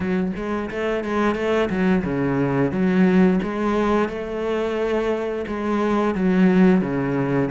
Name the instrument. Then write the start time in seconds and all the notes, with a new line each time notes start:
cello
0.00 F#3
0.36 G#3
0.70 A3
1.04 G#3
1.35 A3
1.69 F#3
2.04 C#3
2.71 F#3
3.42 G#3
4.08 A3
5.47 G#3
6.15 F#3
6.81 C#3